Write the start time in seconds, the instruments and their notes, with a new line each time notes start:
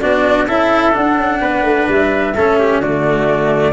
0.00 tuba B3, cello D4, trumpet F#4, flute D5
0.47 tuba C#4, cello E4, trumpet A4, flute E5
0.93 cello D4, tuba D4, flute F#5
1.17 tuba C#4
1.41 tuba B3, trumpet B4
1.63 tuba A3
1.88 tuba G3, flute E5
2.35 tuba A3, cello C#4, trumpet A4
2.59 trumpet G4
2.80 tuba D3, cello A3, trumpet F#4, flute D5